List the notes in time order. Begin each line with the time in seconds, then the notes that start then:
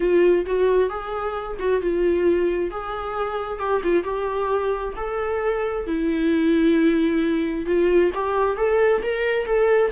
0.00 F4
0.46 F#4
0.89 G#4
1.59 F#4
1.81 F4
2.70 G#4
3.59 G4
3.83 F4
4.03 G4
4.96 A4
5.86 E4
7.65 F4
8.14 G4
8.56 A4
9.02 A#4
9.46 A4